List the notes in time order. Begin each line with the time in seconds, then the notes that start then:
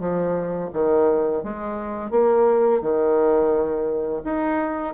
0.00 F3
0.73 D#3
1.44 G#3
2.11 A#3
2.82 D#3
4.25 D#4